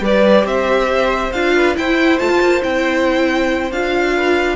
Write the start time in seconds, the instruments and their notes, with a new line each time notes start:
0.00 cello G3, viola G4, violin B4 D5
0.44 cello C4, violin C5 E5
1.32 cello D4, viola F4, violin F5
1.55 violin B4
1.75 viola E4, cello E4, violin C5 G5
2.18 cello A3, viola F4, violin A5
2.29 cello F4
2.40 cello A#3
2.61 cello C4, viola E4, violin G5
3.71 cello D4, viola F4, violin F5
4.16 violin B4